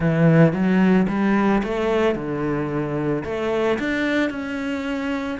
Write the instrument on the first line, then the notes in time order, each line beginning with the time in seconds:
cello
0.00 E3
0.53 F#3
1.08 G3
1.63 A3
2.15 D3
3.24 A3
3.79 D4
4.30 C#4